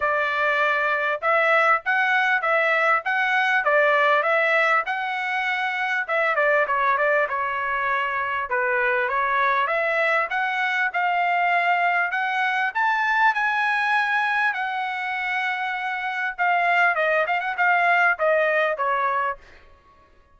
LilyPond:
\new Staff \with { instrumentName = "trumpet" } { \time 4/4 \tempo 4 = 99 d''2 e''4 fis''4 | e''4 fis''4 d''4 e''4 | fis''2 e''8 d''8 cis''8 d''8 | cis''2 b'4 cis''4 |
e''4 fis''4 f''2 | fis''4 a''4 gis''2 | fis''2. f''4 | dis''8 f''16 fis''16 f''4 dis''4 cis''4 | }